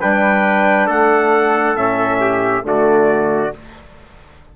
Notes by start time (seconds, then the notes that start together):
0.00 G3 D4 B4 G5
0.87 A3 A4 F#5
1.75 A2 C#4 E5
2.20 G4
2.63 D3 A3 F#4 D5